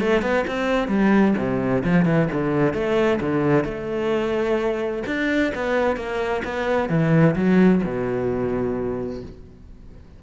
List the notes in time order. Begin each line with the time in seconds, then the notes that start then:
0.00 A3
0.22 B3
0.47 C4
0.88 G3
1.38 C3
1.84 F3
2.05 E3
2.32 D3
2.74 A3
3.20 D3
3.65 A3
5.06 D4
5.55 B3
5.96 A#3
6.44 B3
6.89 E3
7.36 F#3
7.84 B2